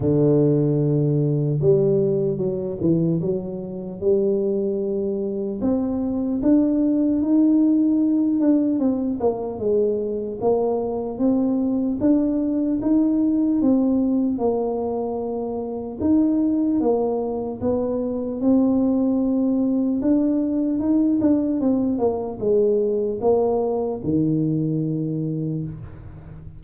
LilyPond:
\new Staff \with { instrumentName = "tuba" } { \time 4/4 \tempo 4 = 75 d2 g4 fis8 e8 | fis4 g2 c'4 | d'4 dis'4. d'8 c'8 ais8 | gis4 ais4 c'4 d'4 |
dis'4 c'4 ais2 | dis'4 ais4 b4 c'4~ | c'4 d'4 dis'8 d'8 c'8 ais8 | gis4 ais4 dis2 | }